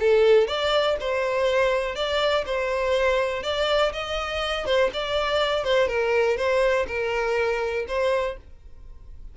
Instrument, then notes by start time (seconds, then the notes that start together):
violin
0.00 A4
0.48 D5
1.00 C5
1.96 D5
2.46 C5
3.43 D5
3.93 D#5
4.66 C5
4.93 D5
5.64 C5
5.88 A#4
6.37 C5
6.87 A#4
7.88 C5